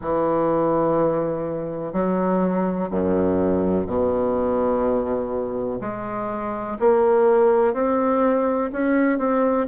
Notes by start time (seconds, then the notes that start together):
0.01 E3
1.93 F#3
2.90 F#2
3.86 B2
5.81 G#3
6.79 A#3
7.73 C4
8.72 C#4
9.18 C4